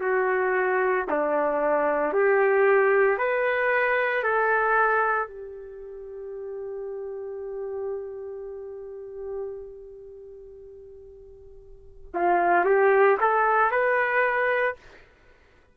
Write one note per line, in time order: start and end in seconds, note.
0.00 1.05 F#4
1.10 2.12 D4
2.12 3.18 G4
3.18 4.23 B4
4.23 5.27 A4
5.27 12.11 G4
12.13 12.65 F4
12.65 13.17 G4
13.20 13.71 A4
13.71 14.76 B4